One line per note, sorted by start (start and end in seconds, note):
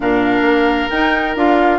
0.00 0.41 A#2
0.00 0.90 D4
0.00 1.78 A#4
0.00 0.90 F5
0.41 0.86 A#3
0.90 1.36 D#4
0.90 1.35 D#4
0.90 1.35 G5
1.35 1.78 D4
1.35 1.78 F4
1.35 1.78 F5